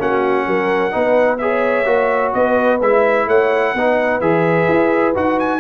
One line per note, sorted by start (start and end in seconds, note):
0.00 0.47 A#3
0.00 0.91 C#4
0.00 0.47 F#4
0.00 1.38 F#5
0.47 0.94 F#3
0.47 0.94 A#4
0.91 1.86 B3
0.91 1.38 D#4
0.91 1.41 B4
1.38 1.86 G#4
1.38 2.36 C#5
1.38 2.32 E5
1.86 2.33 A#3
1.86 2.79 F#4
2.34 2.81 B3
2.34 3.28 B4
2.34 2.81 D#5
2.81 3.27 G#3
2.81 3.76 E4
2.81 3.29 E5
3.27 3.74 A3
3.27 3.75 C#5
3.27 4.21 F#5
3.74 4.21 B3
3.74 4.22 D#4
3.74 5.60 B4
4.21 4.68 E3
4.21 5.15 G#4
4.21 5.15 E5
4.68 5.15 E4
5.15 5.60 D#4
5.15 5.60 F#4
5.15 5.40 F#5
5.40 5.60 G#5